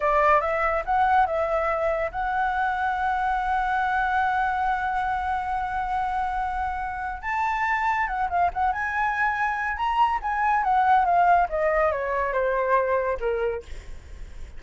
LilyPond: \new Staff \with { instrumentName = "flute" } { \time 4/4 \tempo 4 = 141 d''4 e''4 fis''4 e''4~ | e''4 fis''2.~ | fis''1~ | fis''1~ |
fis''4 a''2 fis''8 f''8 | fis''8 gis''2~ gis''8 ais''4 | gis''4 fis''4 f''4 dis''4 | cis''4 c''2 ais'4 | }